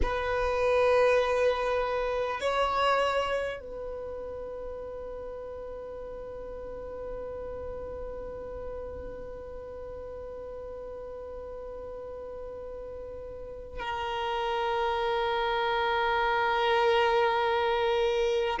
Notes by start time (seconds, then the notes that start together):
0.02 B4
2.40 C#5
3.59 B4
13.79 A#4